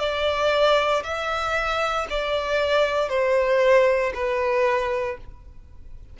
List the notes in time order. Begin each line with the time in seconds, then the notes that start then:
0.00 D5
1.04 E5
2.10 D5
3.09 C5
4.15 B4